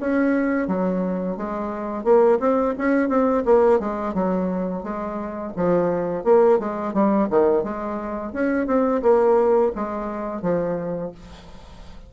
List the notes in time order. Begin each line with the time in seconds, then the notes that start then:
0.00 C#4
0.67 F#3
1.37 G#3
2.04 A#3
2.39 C4
2.78 C#4
3.09 C4
3.45 A#3
3.79 G#3
4.14 F#3
4.83 G#3
5.56 F3
6.24 A#3
6.59 G#3
6.93 G3
7.30 D#3
7.64 G#3
8.32 C#4
8.67 C4
9.02 A#3
9.75 G#3
10.42 F3